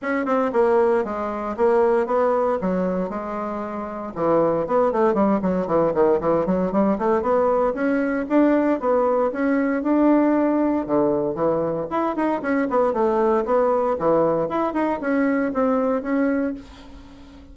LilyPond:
\new Staff \with { instrumentName = "bassoon" } { \time 4/4 \tempo 4 = 116 cis'8 c'8 ais4 gis4 ais4 | b4 fis4 gis2 | e4 b8 a8 g8 fis8 e8 dis8 | e8 fis8 g8 a8 b4 cis'4 |
d'4 b4 cis'4 d'4~ | d'4 d4 e4 e'8 dis'8 | cis'8 b8 a4 b4 e4 | e'8 dis'8 cis'4 c'4 cis'4 | }